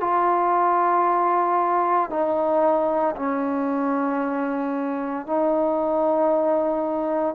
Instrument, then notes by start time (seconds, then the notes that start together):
trombone
0.00 F4
2.10 D#4
3.16 C#4
5.26 D#4